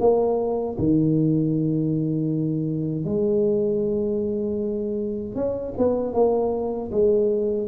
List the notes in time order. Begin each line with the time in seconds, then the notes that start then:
0.00 A#3
0.78 D#3
3.05 G#3
5.35 C#4
5.78 B3
6.13 A#3
6.91 G#3